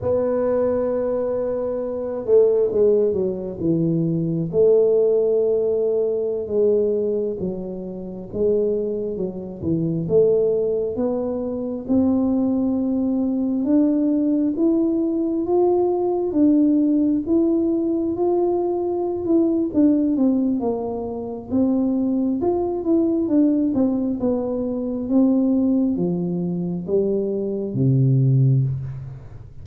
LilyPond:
\new Staff \with { instrumentName = "tuba" } { \time 4/4 \tempo 4 = 67 b2~ b8 a8 gis8 fis8 | e4 a2~ a16 gis8.~ | gis16 fis4 gis4 fis8 e8 a8.~ | a16 b4 c'2 d'8.~ |
d'16 e'4 f'4 d'4 e'8.~ | e'16 f'4~ f'16 e'8 d'8 c'8 ais4 | c'4 f'8 e'8 d'8 c'8 b4 | c'4 f4 g4 c4 | }